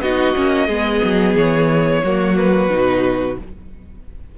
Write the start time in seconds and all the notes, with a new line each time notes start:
0.00 B3 D#4 F#4 D#5
0.35 A#3 C#4
0.67 G#3 B3 G#4
1.04 F#3
1.35 E3 C#5
2.04 F#3 A#3 F#4
2.37 B4
2.70 B2 D#4